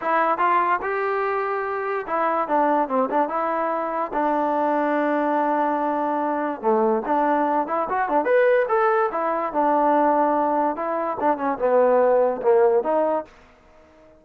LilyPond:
\new Staff \with { instrumentName = "trombone" } { \time 4/4 \tempo 4 = 145 e'4 f'4 g'2~ | g'4 e'4 d'4 c'8 d'8 | e'2 d'2~ | d'1 |
a4 d'4. e'8 fis'8 d'8 | b'4 a'4 e'4 d'4~ | d'2 e'4 d'8 cis'8 | b2 ais4 dis'4 | }